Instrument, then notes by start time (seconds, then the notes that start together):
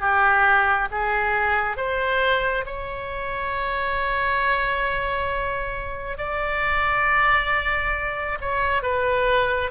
oboe
0.00 G4
0.91 G#4
1.76 C5
2.66 C#5
6.18 D5
8.41 C#5
8.82 B4